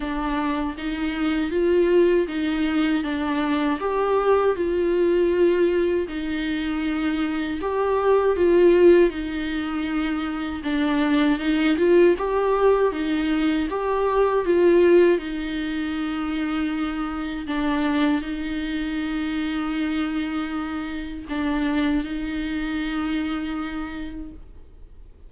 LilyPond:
\new Staff \with { instrumentName = "viola" } { \time 4/4 \tempo 4 = 79 d'4 dis'4 f'4 dis'4 | d'4 g'4 f'2 | dis'2 g'4 f'4 | dis'2 d'4 dis'8 f'8 |
g'4 dis'4 g'4 f'4 | dis'2. d'4 | dis'1 | d'4 dis'2. | }